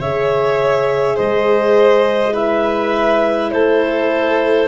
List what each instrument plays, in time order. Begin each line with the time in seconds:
0.00 tuba C#3, horn G#4, violin C#5, clarinet E5
1.16 tuba G#3, violin C5, clarinet D#5
2.33 horn E4, violin B4, clarinet E5
3.51 tuba A3, violin A4, clarinet C5